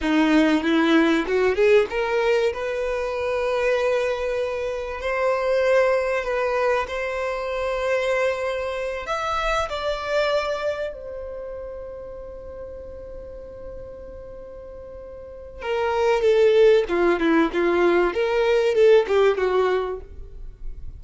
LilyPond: \new Staff \with { instrumentName = "violin" } { \time 4/4 \tempo 4 = 96 dis'4 e'4 fis'8 gis'8 ais'4 | b'1 | c''2 b'4 c''4~ | c''2~ c''8 e''4 d''8~ |
d''4. c''2~ c''8~ | c''1~ | c''4 ais'4 a'4 f'8 e'8 | f'4 ais'4 a'8 g'8 fis'4 | }